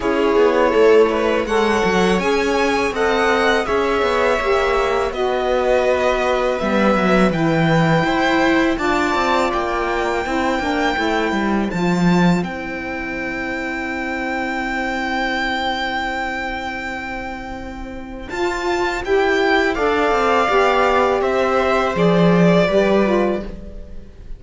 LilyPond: <<
  \new Staff \with { instrumentName = "violin" } { \time 4/4 \tempo 4 = 82 cis''2 fis''4 gis''4 | fis''4 e''2 dis''4~ | dis''4 e''4 g''2 | a''4 g''2. |
a''4 g''2.~ | g''1~ | g''4 a''4 g''4 f''4~ | f''4 e''4 d''2 | }
  \new Staff \with { instrumentName = "viola" } { \time 4/4 gis'4 a'8 b'8 cis''2 | dis''4 cis''2 b'4~ | b'2. c''4 | d''2 c''2~ |
c''1~ | c''1~ | c''2. d''4~ | d''4 c''2 b'4 | }
  \new Staff \with { instrumentName = "saxophone" } { \time 4/4 e'2 a'4 gis'4 | a'4 gis'4 g'4 fis'4~ | fis'4 b4 e'2 | f'2 e'8 d'8 e'4 |
f'4 e'2.~ | e'1~ | e'4 f'4 g'4 a'4 | g'2 gis'4 g'8 f'8 | }
  \new Staff \with { instrumentName = "cello" } { \time 4/4 cis'8 b8 a4 gis8 fis8 cis'4 | c'4 cis'8 b8 ais4 b4~ | b4 g8 fis8 e4 e'4 | d'8 c'8 ais4 c'8 ais8 a8 g8 |
f4 c'2.~ | c'1~ | c'4 f'4 e'4 d'8 c'8 | b4 c'4 f4 g4 | }
>>